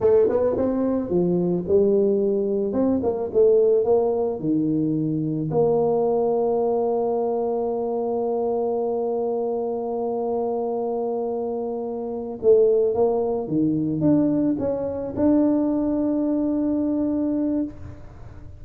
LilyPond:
\new Staff \with { instrumentName = "tuba" } { \time 4/4 \tempo 4 = 109 a8 b8 c'4 f4 g4~ | g4 c'8 ais8 a4 ais4 | dis2 ais2~ | ais1~ |
ais1~ | ais2~ ais8 a4 ais8~ | ais8 dis4 d'4 cis'4 d'8~ | d'1 | }